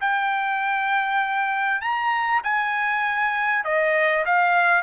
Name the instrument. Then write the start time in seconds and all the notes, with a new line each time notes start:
trumpet
0.00 G5
1.81 A#5
2.43 G#5
3.64 D#5
4.25 F5